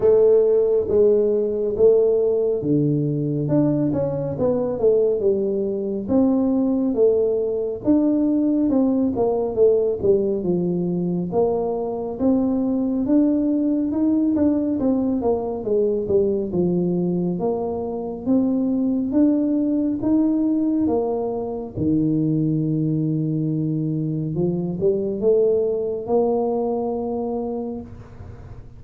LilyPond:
\new Staff \with { instrumentName = "tuba" } { \time 4/4 \tempo 4 = 69 a4 gis4 a4 d4 | d'8 cis'8 b8 a8 g4 c'4 | a4 d'4 c'8 ais8 a8 g8 | f4 ais4 c'4 d'4 |
dis'8 d'8 c'8 ais8 gis8 g8 f4 | ais4 c'4 d'4 dis'4 | ais4 dis2. | f8 g8 a4 ais2 | }